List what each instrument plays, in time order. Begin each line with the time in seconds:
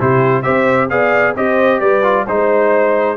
0.00 tuba C3, trombone E4, horn G4, trumpet C5
0.42 tuba C4, trombone G4, horn C5, trumpet E5
0.89 tuba B3, trombone G#4, horn D5, trumpet F5
1.36 tuba C4, trombone G4, horn C5, trumpet D#5
1.80 tuba G3, horn B4, trumpet D5
2.03 trombone F4
2.26 tuba G#3, trombone D#4, horn C5, trumpet C5